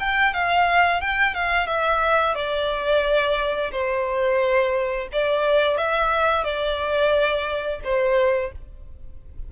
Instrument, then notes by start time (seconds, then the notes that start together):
violin
0.00 G5
0.34 F5
1.01 G5
1.35 F5
1.67 E5
2.35 D5
3.72 C5
5.13 D5
5.78 E5
6.45 D5
7.84 C5